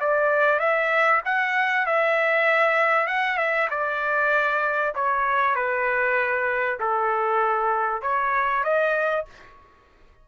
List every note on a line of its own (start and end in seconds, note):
0.00 0.59 D5
0.59 1.21 E5
1.25 1.86 F#5
1.86 3.07 E5
3.07 3.37 F#5
3.37 3.68 E5
3.70 4.94 D5
4.95 5.55 C#5
5.55 6.79 B4
6.80 8.02 A4
8.02 8.63 C#5
8.63 9.25 D#5